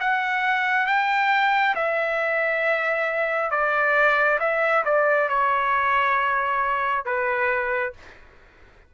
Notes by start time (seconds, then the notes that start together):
0.00 F#5
0.87 G5
1.76 E5
3.51 D5
4.40 E5
4.85 D5
5.29 C#5
7.05 B4